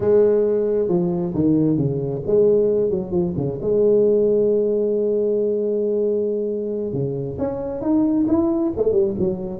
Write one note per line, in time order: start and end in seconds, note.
0.00 0.88 G#3
0.88 1.33 F3
1.34 1.77 D#3
1.77 2.21 C#3
2.26 2.90 G#3
2.90 3.11 F#3
3.11 3.33 F3
3.36 3.59 C#3
3.61 6.93 G#3
6.93 7.37 C#3
7.38 7.81 C#4
7.81 8.26 D#4
8.27 8.72 E4
8.76 8.91 A3
8.91 9.14 G3
9.19 9.60 F#3